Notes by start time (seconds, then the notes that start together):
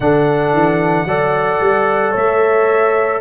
0.00 D3 D4 A4 F#5
0.53 E3
1.04 F#3 A4 D5
1.60 G3
2.11 A3 C#5 E5